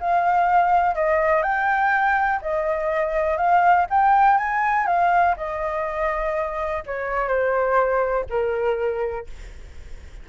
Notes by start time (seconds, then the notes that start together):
0.00 F5
0.95 D#5
1.42 G5
2.42 D#5
3.37 F5
3.90 G5
4.37 G#5
4.86 F5
5.37 D#5
6.86 C#5
7.28 C5
8.29 A#4